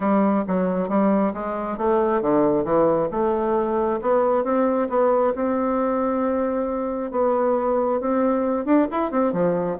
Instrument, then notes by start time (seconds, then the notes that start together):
bassoon
0.00 G3
0.47 F#3
0.88 G3
1.33 G#3
1.77 A3
2.21 D3
2.64 E3
3.11 A3
4.01 B3
4.43 C4
4.89 B3
5.35 C4
7.11 B3
8.00 C4
8.65 D4
8.91 E4
9.11 C4
9.33 F3